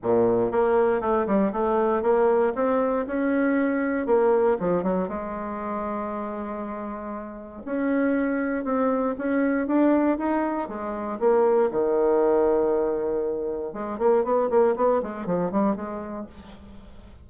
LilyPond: \new Staff \with { instrumentName = "bassoon" } { \time 4/4 \tempo 4 = 118 ais,4 ais4 a8 g8 a4 | ais4 c'4 cis'2 | ais4 f8 fis8 gis2~ | gis2. cis'4~ |
cis'4 c'4 cis'4 d'4 | dis'4 gis4 ais4 dis4~ | dis2. gis8 ais8 | b8 ais8 b8 gis8 f8 g8 gis4 | }